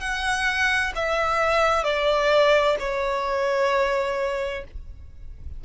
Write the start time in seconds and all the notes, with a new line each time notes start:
0.00 F#5
0.95 E5
1.84 D5
2.79 C#5